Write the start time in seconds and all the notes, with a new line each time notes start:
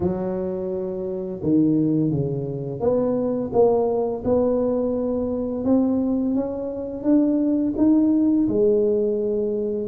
0.00 F#3
1.42 D#3
2.10 C#3
2.80 B3
3.52 A#3
4.24 B3
5.64 C4
6.34 C#4
7.03 D4
7.77 D#4
8.48 G#3